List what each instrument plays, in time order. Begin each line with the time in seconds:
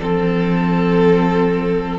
0.00 cello F3, viola C4, violin A4